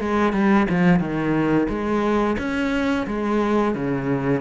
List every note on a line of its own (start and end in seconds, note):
0.00 0.33 G#3
0.33 0.67 G3
0.70 0.99 F3
0.99 1.67 D#3
1.68 2.36 G#3
2.38 3.06 C#4
3.07 3.75 G#3
3.75 4.41 C#3